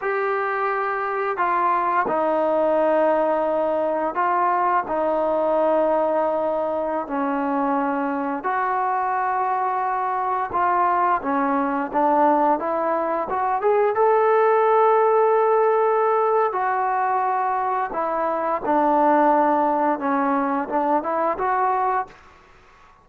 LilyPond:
\new Staff \with { instrumentName = "trombone" } { \time 4/4 \tempo 4 = 87 g'2 f'4 dis'4~ | dis'2 f'4 dis'4~ | dis'2~ dis'16 cis'4.~ cis'16~ | cis'16 fis'2. f'8.~ |
f'16 cis'4 d'4 e'4 fis'8 gis'16~ | gis'16 a'2.~ a'8. | fis'2 e'4 d'4~ | d'4 cis'4 d'8 e'8 fis'4 | }